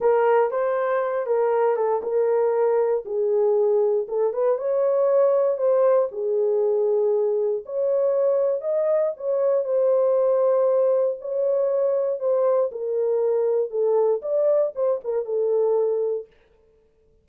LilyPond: \new Staff \with { instrumentName = "horn" } { \time 4/4 \tempo 4 = 118 ais'4 c''4. ais'4 a'8 | ais'2 gis'2 | a'8 b'8 cis''2 c''4 | gis'2. cis''4~ |
cis''4 dis''4 cis''4 c''4~ | c''2 cis''2 | c''4 ais'2 a'4 | d''4 c''8 ais'8 a'2 | }